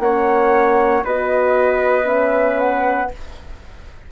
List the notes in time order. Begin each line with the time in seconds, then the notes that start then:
0.00 A#3 C#4 C#5 F#5
1.05 B3 F#4 B4 D#5
2.05 C#4 E5
2.60 F#5